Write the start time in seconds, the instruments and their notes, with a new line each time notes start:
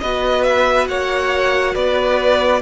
0.00 cello B3, viola F#4, violin B4 D#5
0.44 violin E5
0.88 cello A#3, violin C#5 F#5
1.74 cello B3, violin B4 D5